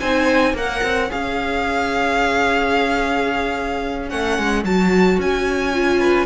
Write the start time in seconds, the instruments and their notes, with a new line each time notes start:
0.00 cello C4, viola D#4, violin C5 G#5
0.53 cello A#3, viola A#4, violin C#5 F#5
0.83 cello C4
1.09 cello C#4, viola G#4, violin F5
4.08 cello A3, viola C#4, violin F#5
4.38 cello G#3
4.64 cello F#3, viola F#4, violin A5
5.18 cello C#4, violin G#5
5.72 viola F4
6.00 violin B4